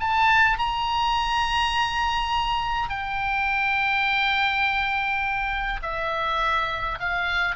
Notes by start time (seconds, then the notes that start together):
0.00 A5
0.58 A#5
2.89 G5
5.83 E5
7.00 F5